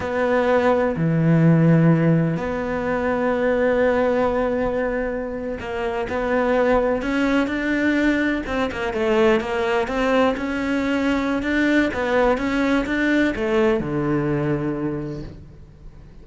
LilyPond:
\new Staff \with { instrumentName = "cello" } { \time 4/4 \tempo 4 = 126 b2 e2~ | e4 b2.~ | b2.~ b8. ais16~ | ais8. b2 cis'4 d'16~ |
d'4.~ d'16 c'8 ais8 a4 ais16~ | ais8. c'4 cis'2~ cis'16 | d'4 b4 cis'4 d'4 | a4 d2. | }